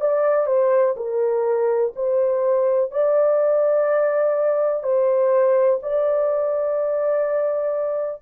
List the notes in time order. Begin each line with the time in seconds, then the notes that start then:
0.00 D5
0.46 C5
0.96 A#4
1.95 C5
2.91 D5
4.83 C5
5.82 D5